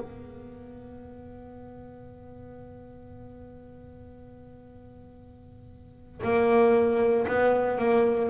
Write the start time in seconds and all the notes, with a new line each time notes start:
0.00 B3
6.24 A#3
7.27 B3
7.79 A#3